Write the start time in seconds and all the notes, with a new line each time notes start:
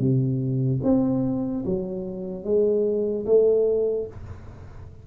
0.00 C3
0.84 C4
1.66 F#3
2.45 G#3
3.27 A3